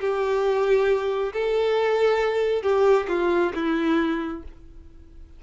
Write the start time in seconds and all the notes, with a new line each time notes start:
0.00 G4
1.33 A4
2.62 G4
3.08 F4
3.55 E4